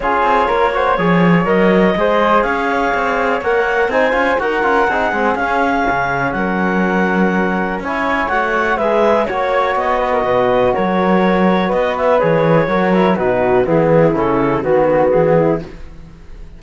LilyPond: <<
  \new Staff \with { instrumentName = "clarinet" } { \time 4/4 \tempo 4 = 123 cis''2. dis''4~ | dis''4 f''2 fis''4 | gis''4 fis''2 f''4~ | f''4 fis''2. |
gis''4 fis''4 e''4 cis''4 | dis''2 cis''2 | dis''8 e''8 cis''2 b'4 | gis'4 a'4 fis'4 gis'4 | }
  \new Staff \with { instrumentName = "flute" } { \time 4/4 gis'4 ais'8 c''8 cis''2 | c''4 cis''2. | c''4 ais'4 gis'2~ | gis'4 ais'2. |
cis''2 b'4 cis''4~ | cis''8 b'16 ais'16 b'4 ais'2 | b'2 ais'4 fis'4 | e'2 fis'4. e'8 | }
  \new Staff \with { instrumentName = "trombone" } { \time 4/4 f'4. fis'8 gis'4 ais'4 | gis'2. ais'4 | dis'8 f'8 fis'8 f'8 dis'8 c'8 cis'4~ | cis'1 |
e'4 fis'4 gis'4 fis'4~ | fis'1~ | fis'4 gis'4 fis'8 e'8 dis'4 | b4 cis'4 b2 | }
  \new Staff \with { instrumentName = "cello" } { \time 4/4 cis'8 c'8 ais4 f4 fis4 | gis4 cis'4 c'4 ais4 | c'8 cis'8 dis'8 cis'8 c'8 gis8 cis'4 | cis4 fis2. |
cis'4 a4 gis4 ais4 | b4 b,4 fis2 | b4 e4 fis4 b,4 | e4 cis4 dis4 e4 | }
>>